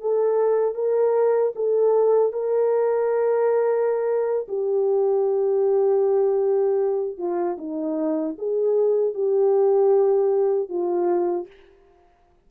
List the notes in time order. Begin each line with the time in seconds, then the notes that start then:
0.00 A4
0.75 A#4
1.55 A4
2.33 A#4
4.48 G4
7.18 F4
7.58 D#4
8.38 G#4
9.14 G4
10.69 F4